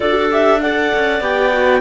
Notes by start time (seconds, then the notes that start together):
0.00 D4 F#4 A4 D5
0.30 G4 E5
0.61 A4 D5 F#5
0.94 C#4
1.20 B3 G4 G5
1.53 F#4